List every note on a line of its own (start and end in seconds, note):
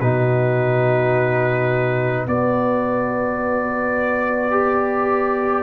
0.00 2.27 B2
0.00 2.28 D#4
0.00 2.27 F#4
0.00 2.26 B4
2.27 5.63 B3
2.27 4.51 F#4
2.27 5.63 B4
2.27 5.63 D5
4.51 5.63 G4